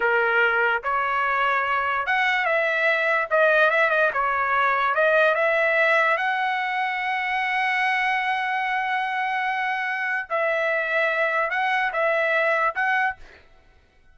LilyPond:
\new Staff \with { instrumentName = "trumpet" } { \time 4/4 \tempo 4 = 146 ais'2 cis''2~ | cis''4 fis''4 e''2 | dis''4 e''8 dis''8 cis''2 | dis''4 e''2 fis''4~ |
fis''1~ | fis''1~ | fis''4 e''2. | fis''4 e''2 fis''4 | }